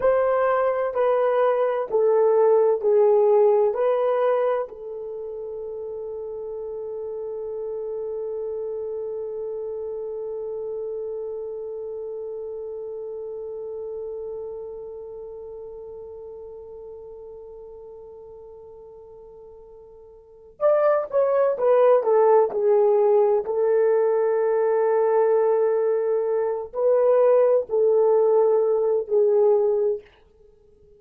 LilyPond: \new Staff \with { instrumentName = "horn" } { \time 4/4 \tempo 4 = 64 c''4 b'4 a'4 gis'4 | b'4 a'2.~ | a'1~ | a'1~ |
a'1~ | a'2 d''8 cis''8 b'8 a'8 | gis'4 a'2.~ | a'8 b'4 a'4. gis'4 | }